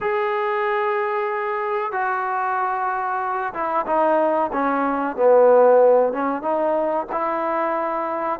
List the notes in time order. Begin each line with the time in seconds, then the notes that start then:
0.00 G#4
1.92 F#4
3.53 E4
3.86 D#4
4.52 C#4
5.16 B3
6.12 C#4
6.42 D#4
7.11 E4